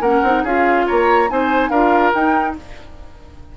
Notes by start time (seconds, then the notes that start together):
0.00 A#3 C#4 A#4 F#5
0.23 C4 D#4
0.43 C#4 F4 G#4 F5
0.87 A#3 C#5 A#5
1.28 C4 D#4 C5 G#5
1.69 D4 F4 A#4 F5
2.13 D#4 G5